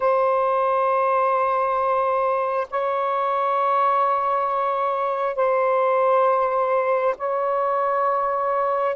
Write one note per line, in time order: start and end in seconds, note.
0.00 2.67 C5
2.70 5.35 C#5
5.35 7.14 C5
7.17 8.95 C#5